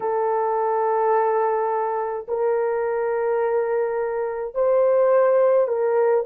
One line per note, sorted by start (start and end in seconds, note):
0.00 2.26 A4
2.27 4.54 A#4
4.54 5.67 C5
5.67 6.24 A#4